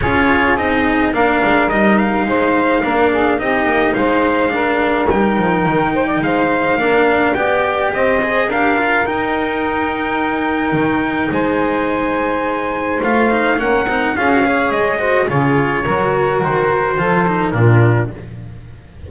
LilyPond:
<<
  \new Staff \with { instrumentName = "trumpet" } { \time 4/4 \tempo 4 = 106 cis''4 dis''4 f''4 dis''8 f''8~ | f''2 dis''4 f''4~ | f''4 g''2 f''4~ | f''4 g''4 dis''4 f''4 |
g''1 | gis''2. f''4 | fis''4 f''4 dis''4 cis''4~ | cis''4 c''2 ais'4 | }
  \new Staff \with { instrumentName = "saxophone" } { \time 4/4 gis'2 ais'2 | c''4 ais'8 gis'8 g'4 c''4 | ais'2~ ais'8 c''16 d''16 c''4 | ais'4 d''4 c''4 ais'4~ |
ais'1 | c''1 | ais'4 gis'8 cis''4 c''8 gis'4 | ais'2 a'4 f'4 | }
  \new Staff \with { instrumentName = "cello" } { \time 4/4 f'4 dis'4 d'4 dis'4~ | dis'4 d'4 dis'2 | d'4 dis'2. | d'4 g'4. gis'8 g'8 f'8 |
dis'1~ | dis'2. f'8 dis'8 | cis'8 dis'8 f'16 fis'16 gis'4 fis'8 f'4 | fis'2 f'8 dis'8 d'4 | }
  \new Staff \with { instrumentName = "double bass" } { \time 4/4 cis'4 c'4 ais8 gis8 g4 | gis4 ais4 c'8 ais8 gis4~ | gis4 g8 f8 dis4 gis4 | ais4 b4 c'4 d'4 |
dis'2. dis4 | gis2. a4 | ais8 c'8 cis'4 gis4 cis4 | fis4 dis4 f4 ais,4 | }
>>